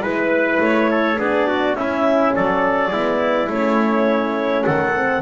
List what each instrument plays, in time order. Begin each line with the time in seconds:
0.00 double bass G#3, horn E4, trumpet B4, clarinet B4
0.59 double bass A3, clarinet C#5
0.90 trumpet A4
1.18 double bass B3, horn D4, trumpet G#4, clarinet D5
1.47 trumpet F#4
1.74 double bass C#4, horn C#4, trumpet E4, clarinet E5
2.34 double bass F#3, trumpet A4, clarinet D5
2.90 double bass G#3, horn B3, trumpet E4
3.48 double bass A3, horn C#4, clarinet C#5
4.65 double bass D#3, trumpet A4, clarinet F#5
4.94 horn C4